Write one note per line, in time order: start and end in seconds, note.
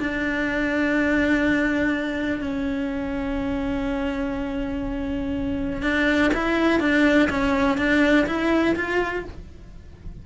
0.00 2.42 D4
2.42 5.83 C#4
5.83 6.32 D4
6.34 6.80 E4
6.80 7.29 D4
7.30 7.78 C#4
7.78 8.27 D4
8.27 8.76 E4
8.76 9.25 F4